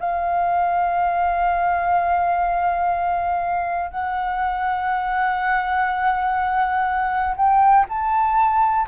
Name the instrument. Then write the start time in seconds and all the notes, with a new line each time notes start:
flute
0.00 F5
3.91 F#5
7.36 G5
7.89 A5